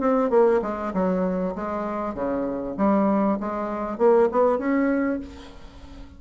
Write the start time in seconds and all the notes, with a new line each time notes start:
0.00 C4
0.30 A#3
0.62 G#3
0.94 F#3
1.55 G#3
2.15 C#3
2.77 G3
3.40 G#3
3.98 A#3
4.32 B3
4.58 C#4